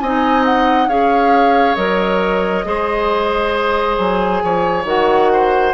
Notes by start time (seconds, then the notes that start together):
0.00 C4 D#4 D#5 G#5
0.45 F#5
0.87 C#4 G#4 C#5 F5
1.75 F#3 A#4 D#5
2.65 G#3 G#4 C5
3.97 F#3 G#5
4.44 F3 C#5
4.84 D#3 F#4 F#5
5.32 C5